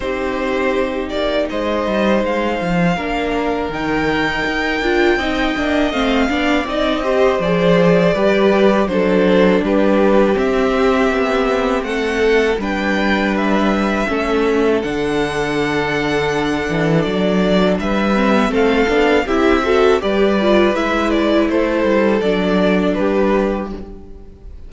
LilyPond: <<
  \new Staff \with { instrumentName = "violin" } { \time 4/4 \tempo 4 = 81 c''4. d''8 dis''4 f''4~ | f''4 g''2. | f''4 dis''4 d''2 | c''4 b'4 e''2 |
fis''4 g''4 e''2 | fis''2. d''4 | e''4 f''4 e''4 d''4 | e''8 d''8 c''4 d''4 b'4 | }
  \new Staff \with { instrumentName = "violin" } { \time 4/4 g'2 c''2 | ais'2. dis''4~ | dis''8 d''4 c''4. b'4 | a'4 g'2. |
a'4 b'2 a'4~ | a'1 | b'4 a'4 g'8 a'8 b'4~ | b'4 a'2 g'4 | }
  \new Staff \with { instrumentName = "viola" } { \time 4/4 dis'1 | d'4 dis'4. f'8 dis'8 d'8 | c'8 d'8 dis'8 g'8 gis'4 g'4 | d'2 c'2~ |
c'4 d'2 cis'4 | d'1~ | d'8 c'16 b16 c'8 d'8 e'8 fis'8 g'8 f'8 | e'2 d'2 | }
  \new Staff \with { instrumentName = "cello" } { \time 4/4 c'4. ais8 gis8 g8 gis8 f8 | ais4 dis4 dis'8 d'8 c'8 ais8 | a8 b8 c'4 f4 g4 | fis4 g4 c'4 b4 |
a4 g2 a4 | d2~ d8 e8 fis4 | g4 a8 b8 c'4 g4 | gis4 a8 g8 fis4 g4 | }
>>